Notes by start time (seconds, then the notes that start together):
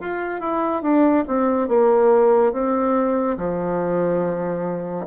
0.00 F4
0.40 E4
0.82 D4
1.27 C4
1.68 A#3
2.52 C4
3.37 F3